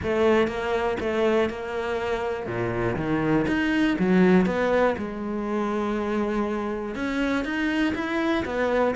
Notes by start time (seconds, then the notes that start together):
0.02 A3
0.47 A#3
1.00 A3
1.49 A#3
2.46 A#2
2.96 D#3
3.47 D#4
3.98 F#3
4.46 B3
4.97 G#3
6.95 C#4
7.44 D#4
7.95 E4
8.45 B3